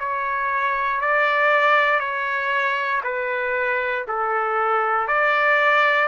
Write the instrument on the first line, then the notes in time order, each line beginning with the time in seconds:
trumpet
0.00 C#5
1.01 D5
2.00 C#5
3.04 B4
4.08 A4
5.08 D5